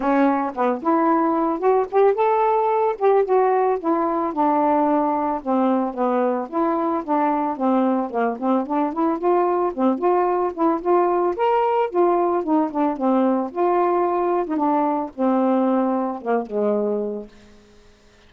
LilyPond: \new Staff \with { instrumentName = "saxophone" } { \time 4/4 \tempo 4 = 111 cis'4 b8 e'4. fis'8 g'8 | a'4. g'8 fis'4 e'4 | d'2 c'4 b4 | e'4 d'4 c'4 ais8 c'8 |
d'8 e'8 f'4 c'8 f'4 e'8 | f'4 ais'4 f'4 dis'8 d'8 | c'4 f'4.~ f'16 dis'16 d'4 | c'2 ais8 gis4. | }